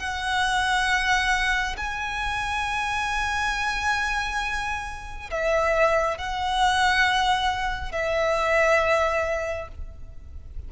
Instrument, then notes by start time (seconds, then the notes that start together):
violin
0.00 F#5
1.78 G#5
5.31 E5
6.18 F#5
7.92 E5